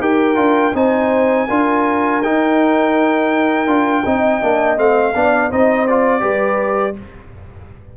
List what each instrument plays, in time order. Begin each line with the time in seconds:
0.00 tuba D#4, trombone G4, horn A#4, trumpet G5
0.35 tuba D4, trombone F4
0.75 tuba C4, trombone D#4, horn C5, trumpet G#5
1.48 tuba D4, trombone F4, horn A#4
2.22 tuba D#4, trombone D#4, trumpet G5
3.67 tuba D4, trombone F4
4.06 tuba C4, trombone D#4, horn D#5
4.42 tuba A#3, trombone D4
4.77 tuba A3, trombone C4, trumpet F5
5.15 tuba B3, trombone D4, horn D5
5.50 tuba C4, trombone D#4, horn C5, trumpet D#5
5.87 trombone F4, trumpet D5
6.21 tuba G3, trombone G4, horn B4